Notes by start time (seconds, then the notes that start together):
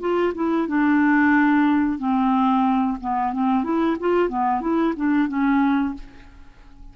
0.00 F4
0.35 E4
0.68 D4
1.99 C4
3.00 B3
3.33 C4
3.64 E4
4.00 F4
4.29 B3
4.61 E4
4.96 D4
5.28 C#4